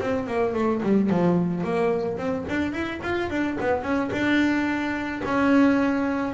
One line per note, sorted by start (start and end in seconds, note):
0.00 0.27 C4
0.27 0.54 A#3
0.54 0.81 A3
0.83 1.10 G3
1.10 1.64 F3
1.64 2.17 A#3
2.17 2.45 C4
2.49 2.73 D4
2.73 3.00 E4
3.03 3.30 F4
3.30 3.58 D4
3.60 3.83 B3
3.83 4.10 C#4
4.12 5.22 D4
5.25 6.33 C#4